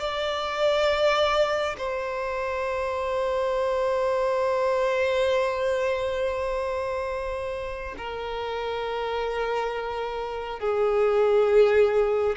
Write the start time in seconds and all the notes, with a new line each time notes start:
0.00 D5
1.78 C5
7.98 A#4
10.60 G#4